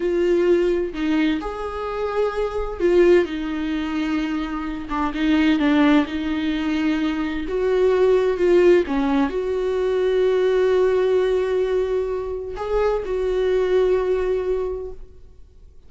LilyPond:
\new Staff \with { instrumentName = "viola" } { \time 4/4 \tempo 4 = 129 f'2 dis'4 gis'4~ | gis'2 f'4 dis'4~ | dis'2~ dis'8 d'8 dis'4 | d'4 dis'2. |
fis'2 f'4 cis'4 | fis'1~ | fis'2. gis'4 | fis'1 | }